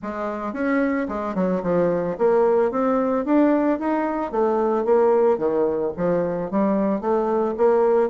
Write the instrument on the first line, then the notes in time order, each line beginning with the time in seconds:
bassoon
0.02 G#3
0.53 C#4
1.08 G#3
1.34 F#3
1.62 F3
2.18 A#3
2.71 C4
3.25 D4
3.79 D#4
4.31 A3
4.84 A#3
5.38 D#3
5.97 F3
6.50 G3
7.00 A3
7.57 A#3